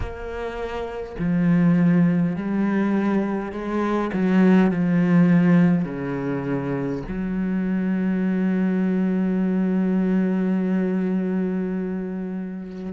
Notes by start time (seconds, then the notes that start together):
0.00 A#3
1.18 F3
2.36 G3
3.52 G#3
4.13 F#3
4.71 F3
5.84 C#3
7.08 F#3